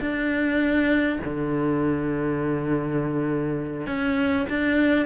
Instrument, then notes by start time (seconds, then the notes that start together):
cello
0.00 D4
1.24 D3
3.86 C#4
4.49 D4